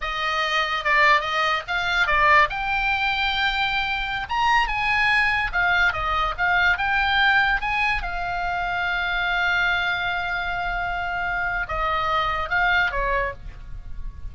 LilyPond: \new Staff \with { instrumentName = "oboe" } { \time 4/4 \tempo 4 = 144 dis''2 d''4 dis''4 | f''4 d''4 g''2~ | g''2~ g''16 ais''4 gis''8.~ | gis''4~ gis''16 f''4 dis''4 f''8.~ |
f''16 g''2 gis''4 f''8.~ | f''1~ | f''1 | dis''2 f''4 cis''4 | }